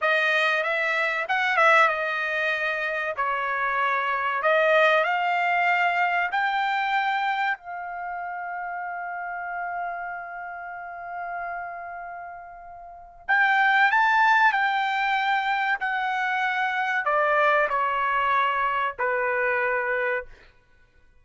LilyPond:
\new Staff \with { instrumentName = "trumpet" } { \time 4/4 \tempo 4 = 95 dis''4 e''4 fis''8 e''8 dis''4~ | dis''4 cis''2 dis''4 | f''2 g''2 | f''1~ |
f''1~ | f''4 g''4 a''4 g''4~ | g''4 fis''2 d''4 | cis''2 b'2 | }